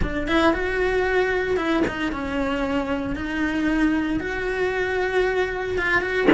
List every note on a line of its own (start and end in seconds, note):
0.01 0.27 D4
0.27 0.53 E4
0.53 1.56 F#4
1.56 1.83 E4
1.87 2.12 D#4
2.12 3.15 C#4
3.15 4.20 D#4
4.20 5.78 F#4
5.78 6.01 F4
6.01 6.27 F#4